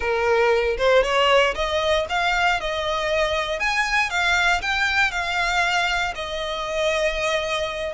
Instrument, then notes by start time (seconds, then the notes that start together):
violin
0.00 A#4
0.77 C5
1.03 C#5
1.55 D#5
2.09 F5
2.60 D#5
3.59 G#5
4.09 F5
4.61 G5
5.11 F5
6.15 D#5